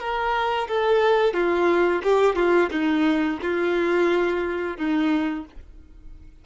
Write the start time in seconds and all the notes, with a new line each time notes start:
0.00 A#4
0.68 A4
1.34 F4
2.03 G4
2.36 F4
2.72 D#4
3.42 F4
4.78 D#4